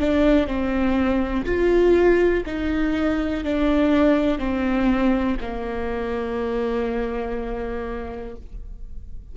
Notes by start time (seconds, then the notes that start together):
0.00 D4
0.47 C4
1.46 F4
2.46 D#4
3.44 D4
4.39 C4
5.41 A#3